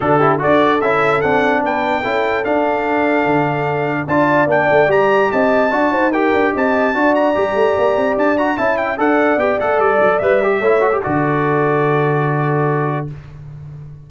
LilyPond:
<<
  \new Staff \with { instrumentName = "trumpet" } { \time 4/4 \tempo 4 = 147 a'4 d''4 e''4 fis''4 | g''2 f''2~ | f''2 a''4 g''4 | ais''4 a''2 g''4 |
a''4. ais''2~ ais''8 | a''8 ais''8 a''8 g''8 fis''4 g''8 fis''8 | d''4 e''2 d''4~ | d''1 | }
  \new Staff \with { instrumentName = "horn" } { \time 4/4 fis'8 g'8 a'2. | b'4 a'2.~ | a'2 d''2~ | d''4 dis''4 d''8 c''8 ais'4 |
dis''4 d''2.~ | d''4 e''4 d''2~ | d''2 cis''4 a'4~ | a'1 | }
  \new Staff \with { instrumentName = "trombone" } { \time 4/4 d'8 e'8 fis'4 e'4 d'4~ | d'4 e'4 d'2~ | d'2 f'4 d'4 | g'2 fis'4 g'4~ |
g'4 fis'4 g'2~ | g'8 fis'8 e'4 a'4 g'8 a'8~ | a'4 b'8 g'8 e'8 fis'16 g'16 fis'4~ | fis'1 | }
  \new Staff \with { instrumentName = "tuba" } { \time 4/4 d4 d'4 cis'4 c'4 | b4 cis'4 d'2 | d2 d'4 ais8 a8 | g4 c'4 d'8 dis'4 d'8 |
c'4 d'4 g8 a8 ais8 c'8 | d'4 cis'4 d'4 b8 a8 | g8 fis8 g4 a4 d4~ | d1 | }
>>